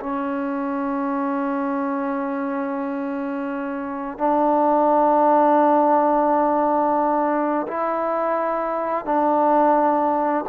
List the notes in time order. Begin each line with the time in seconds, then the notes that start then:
0.00 C#4
4.18 D4
7.67 E4
9.05 D4